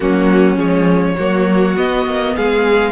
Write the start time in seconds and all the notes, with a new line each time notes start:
0.00 F#3 A#3 C#4 F#4
0.56 F3 G#3 C#5
1.16 F#3 A#3 F#4
1.76 B3 D#5
2.06 A#3
2.35 G#3 G#4 F5